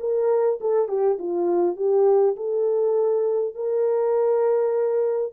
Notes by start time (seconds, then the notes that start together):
0.00 A#4
0.61 A4
0.88 G4
1.19 F4
1.76 G4
2.36 A4
3.55 A#4